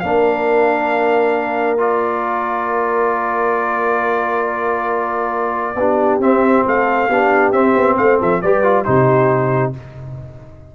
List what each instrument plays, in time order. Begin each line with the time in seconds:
0.00 tuba A#3, trombone D4, horn A#4, trumpet F5
1.78 trombone F4, trumpet D5
5.75 tuba B3, trombone D4, horn G4
6.19 tuba C4, trombone C4, trumpet E5
6.66 tuba A3, horn A4, trumpet F5
7.07 tuba B3, trombone D4, horn G4
7.52 tuba C4, trombone C4, trumpet E5
7.75 tuba B3
7.96 tuba A3, horn C5, trumpet F5
8.19 tuba F3, horn A4, trumpet E5
8.42 tuba G3, trombone G4, horn B4, trumpet D5
8.63 trombone F4
8.84 tuba C3, trombone D#4, horn G4, trumpet C5